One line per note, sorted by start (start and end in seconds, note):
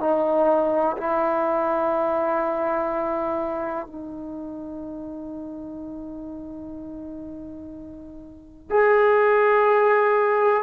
0.00 0.97 D#4
0.97 3.86 E4
3.86 8.70 D#4
8.70 10.63 G#4